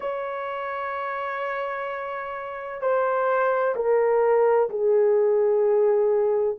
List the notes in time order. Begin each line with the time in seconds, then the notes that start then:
0.00 C#5
2.81 C5
3.75 A#4
4.69 G#4